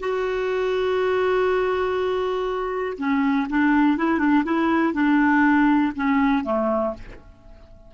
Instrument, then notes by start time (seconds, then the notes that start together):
clarinet
0.00 F#4
2.98 C#4
3.50 D4
3.98 E4
4.19 D4
4.45 E4
4.94 D4
5.95 C#4
6.45 A3